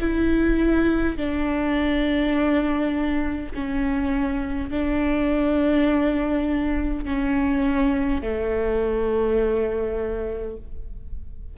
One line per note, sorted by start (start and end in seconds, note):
0.00 1.17 E4
1.17 3.52 D4
3.55 4.71 C#4
4.71 7.05 D4
7.05 8.22 C#4
8.22 10.57 A3